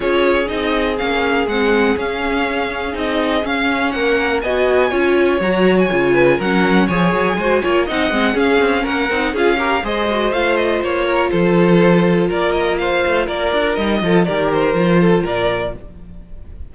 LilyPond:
<<
  \new Staff \with { instrumentName = "violin" } { \time 4/4 \tempo 4 = 122 cis''4 dis''4 f''4 fis''4 | f''2 dis''4 f''4 | fis''4 gis''2 ais''8. gis''16~ | gis''4 fis''4 gis''2 |
fis''4 f''4 fis''4 f''4 | dis''4 f''8 dis''8 cis''4 c''4~ | c''4 d''8 dis''8 f''4 d''4 | dis''4 d''8 c''4. d''4 | }
  \new Staff \with { instrumentName = "violin" } { \time 4/4 gis'1~ | gis'1 | ais'4 dis''4 cis''2~ | cis''8 b'8 ais'4 cis''4 c''8 cis''8 |
dis''4 gis'4 ais'4 gis'8 ais'8 | c''2~ c''8 ais'8 a'4~ | a'4 ais'4 c''4 ais'4~ | ais'8 a'8 ais'4. a'8 ais'4 | }
  \new Staff \with { instrumentName = "viola" } { \time 4/4 f'4 dis'4 cis'4 c'4 | cis'2 dis'4 cis'4~ | cis'4 fis'4 f'4 fis'4 | f'4 cis'4 gis'4 fis'8 f'8 |
dis'8 c'8 cis'4. dis'8 f'8 g'8 | gis'8 fis'8 f'2.~ | f'1 | dis'8 f'8 g'4 f'2 | }
  \new Staff \with { instrumentName = "cello" } { \time 4/4 cis'4 c'4 ais4 gis4 | cis'2 c'4 cis'4 | ais4 b4 cis'4 fis4 | cis4 fis4 f8 fis8 gis8 ais8 |
c'8 gis8 cis'8 c'8 ais8 c'8 cis'4 | gis4 a4 ais4 f4~ | f4 ais4. a8 ais8 d'8 | g8 f8 dis4 f4 ais,4 | }
>>